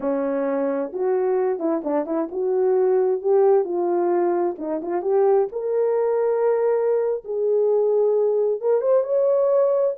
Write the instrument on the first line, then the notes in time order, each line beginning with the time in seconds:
horn
0.00 C#4
0.93 F#4
1.59 E4
1.84 D4
2.06 E4
2.31 F#4
3.21 G4
3.64 F4
4.58 D#4
4.82 F4
5.02 G4
5.52 A#4
7.24 G#4
8.60 A#4
8.81 C5
9.03 C#5